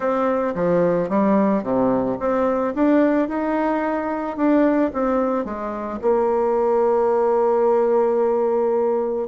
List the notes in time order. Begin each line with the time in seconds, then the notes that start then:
0.00 C4
0.54 F3
1.09 G3
1.63 C3
2.19 C4
2.74 D4
3.28 D#4
4.36 D4
4.93 C4
5.44 G#3
6.01 A#3